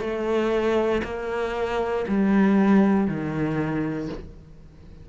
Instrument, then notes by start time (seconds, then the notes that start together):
cello
0.00 A3
1.03 A#3
2.08 G3
3.07 D#3